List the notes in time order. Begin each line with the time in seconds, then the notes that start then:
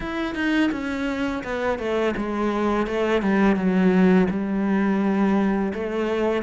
0.00 E4
0.34 D#4
0.71 C#4
1.43 B3
1.79 A3
2.16 G#3
2.86 A3
3.21 G3
3.56 F#3
4.30 G3
5.73 A3